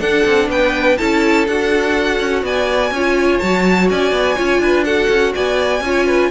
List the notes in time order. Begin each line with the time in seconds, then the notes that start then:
0.00 D4 A4 F#5
0.26 C4
0.48 B3 B4 G5
0.98 C#4 E4 A4 A5
1.48 D4 F#4 F#5
2.20 C#4
2.43 B3 D5 G#5
2.91 C#4 F4 C#5
3.39 F#3 F#4 A5
3.90 C#4 D5 G#5
4.12 B3
4.37 C#4 F4 C#5
4.59 D4 B4
4.84 F#4 A4 F#5
5.09 C#4
5.35 B3 D5 G#5
5.81 C#4 F4 C#5
6.07 B4